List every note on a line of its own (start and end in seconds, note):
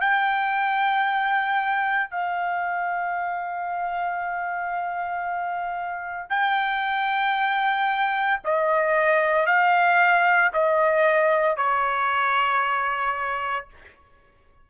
0.00 2.10 G5
2.10 6.29 F5
6.29 8.40 G5
8.44 9.46 D#5
9.46 10.51 F5
10.53 11.56 D#5
11.56 13.67 C#5